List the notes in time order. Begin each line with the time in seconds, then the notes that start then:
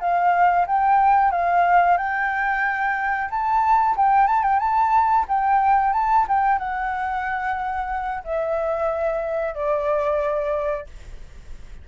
0.00 F5
0.67 G5
1.31 F5
1.98 G5
3.30 A5
3.97 G5
4.28 A5
4.43 G5
4.59 A5
5.28 G5
5.93 A5
6.28 G5
6.59 F#5
8.24 E5
9.55 D5